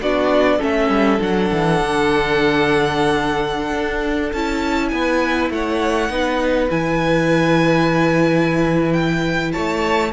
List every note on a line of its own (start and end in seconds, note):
0.00 0.59 B3
0.00 0.60 D4
0.00 0.58 F#4
0.00 0.61 D5
0.58 0.89 A3
0.58 1.19 C#4
0.58 4.88 A4
0.58 1.21 E5
0.89 1.18 G3
1.19 1.51 F#3
1.19 4.31 D4
1.19 4.32 F#5
1.52 1.81 E3
1.81 3.72 D3
3.72 4.32 D4
4.32 4.92 C#4
4.32 6.10 E4
4.32 4.89 A5
4.89 5.50 B3
4.89 5.52 B4
4.89 5.48 G#5
5.50 6.09 A3
5.50 6.11 C#5
5.50 6.70 F#5
6.09 6.69 B3
6.09 6.69 D#4
6.09 9.52 B4
6.69 9.53 E3
6.69 10.11 E4
6.69 8.92 G#5
8.92 9.52 G5
9.52 10.12 A3
9.52 10.12 C#5
9.52 10.12 A5